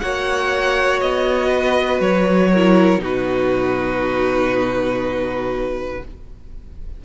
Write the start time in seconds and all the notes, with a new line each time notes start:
0.00 A#3 F#4 C#5 F#5
1.01 B3 D#5
1.49 B4
2.00 F#3 C#5
2.52 E4 A#4
2.98 B2 D#4 F#4
3.05 B4